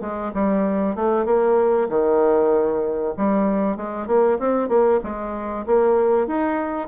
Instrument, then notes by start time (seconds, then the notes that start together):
bassoon
0.00 G#3
0.33 G3
0.95 A3
1.25 A#3
1.89 D#3
3.16 G3
3.76 G#3
4.07 A#3
4.38 C4
4.68 A#3
5.03 G#3
5.66 A#3
6.27 D#4